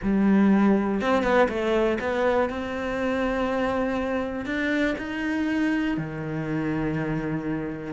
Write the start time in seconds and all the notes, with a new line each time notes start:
0.02 G3
1.01 C4
1.23 B3
1.48 A3
2.00 B3
2.49 C4
4.45 D4
4.97 D#4
5.97 D#3